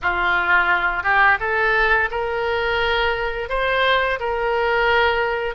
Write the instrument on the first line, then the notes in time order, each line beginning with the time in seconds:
oboe
0.02 F4
1.03 G4
1.40 A4
2.10 A#4
3.49 C5
4.19 A#4